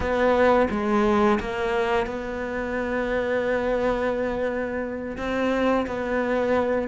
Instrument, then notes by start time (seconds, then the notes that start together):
cello
0.00 B3
0.70 G#3
1.39 A#3
2.06 B3
5.17 C4
5.87 B3